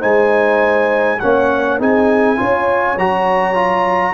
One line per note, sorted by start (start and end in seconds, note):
0.00 1.21 G#3
0.00 1.18 D#4
0.00 1.18 C5
0.00 1.20 G#5
1.20 1.80 A#3
1.20 1.80 C#4
1.20 1.79 C#5
1.20 1.79 F#5
1.79 2.39 C4
1.79 2.37 D#4
1.79 2.38 G#4
1.79 2.99 G#5
2.37 2.97 C#4
2.37 2.96 F4
2.37 4.14 C#5
2.97 4.14 F#3
2.97 3.55 F#4
2.97 4.14 A#5
3.55 4.14 F4